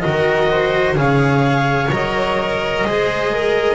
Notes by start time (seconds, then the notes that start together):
0.00 F#4 A#4 D#5
0.06 D#3
0.51 C5
0.96 C#3 G#4 F5
1.02 C#5
1.91 F#3 A#4 D#5
2.84 G#3 G#4 C5
3.33 A#4